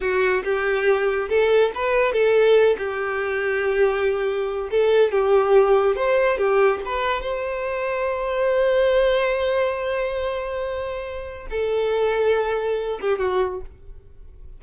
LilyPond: \new Staff \with { instrumentName = "violin" } { \time 4/4 \tempo 4 = 141 fis'4 g'2 a'4 | b'4 a'4. g'4.~ | g'2. a'4 | g'2 c''4 g'4 |
b'4 c''2.~ | c''1~ | c''2. a'4~ | a'2~ a'8 g'8 fis'4 | }